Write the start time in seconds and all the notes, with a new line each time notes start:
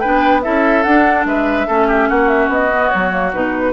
0.00 D4 B4 G5
0.06 B3
0.42 C#4 E4 A4 E5
0.83 D4 F#5
1.25 G#3 B4 E5
1.67 A3 C#4 A4
1.88 G4
2.09 A#3 F#4 F#5
2.28 E5
2.49 B3 D#5
2.71 B3
2.89 F#3 C#5
3.11 A#3
3.34 B2 D#4 B4